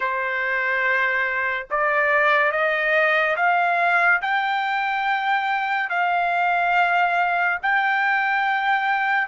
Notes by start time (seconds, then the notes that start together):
0.00 C5
1.70 D5
2.51 D#5
3.36 F5
4.21 G5
5.89 F5
7.62 G5